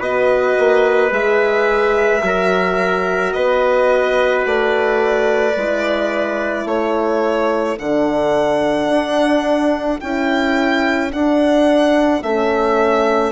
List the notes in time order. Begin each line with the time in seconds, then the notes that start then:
0.00 B3 F#4 B4 D#5
0.59 A#3
1.10 G#3 G#4 E5
2.21 F#3 F#4 A#4
3.33 B3 B4 D#5
4.46 A3 D5
5.57 G#3 E4
6.66 A3 A4 C#5
7.79 D3 D4 F#5
8.89 D4
10.00 C#4 E4 G5
11.11 D4 F#5
12.23 A3 C#4 E5